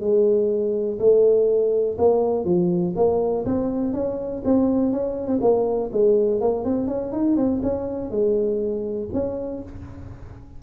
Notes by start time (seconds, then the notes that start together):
0.00 G#3
0.99 A3
1.98 A#3
2.45 F3
2.96 A#3
3.45 C4
3.93 C#4
4.44 C4
4.92 C#4
5.27 C4
5.41 A#3
5.92 G#3
6.40 A#3
6.64 C4
6.87 C#4
7.12 D#4
7.36 C4
7.62 C#4
8.10 G#3
9.13 C#4